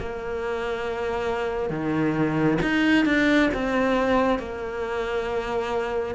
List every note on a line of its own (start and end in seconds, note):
0.00 1.70 A#3
1.70 2.58 D#3
2.62 3.06 D#4
3.06 3.50 D4
3.54 4.39 C4
4.39 6.15 A#3